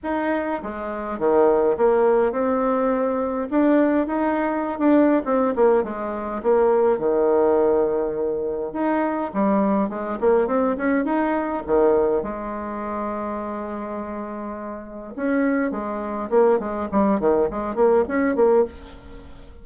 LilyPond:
\new Staff \with { instrumentName = "bassoon" } { \time 4/4 \tempo 4 = 103 dis'4 gis4 dis4 ais4 | c'2 d'4 dis'4~ | dis'16 d'8. c'8 ais8 gis4 ais4 | dis2. dis'4 |
g4 gis8 ais8 c'8 cis'8 dis'4 | dis4 gis2.~ | gis2 cis'4 gis4 | ais8 gis8 g8 dis8 gis8 ais8 cis'8 ais8 | }